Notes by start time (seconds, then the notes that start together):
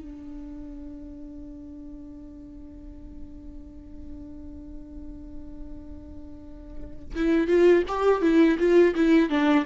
0.00 D4
7.15 E4
7.47 F4
7.88 G4
8.21 E4
8.58 F4
8.95 E4
9.30 D4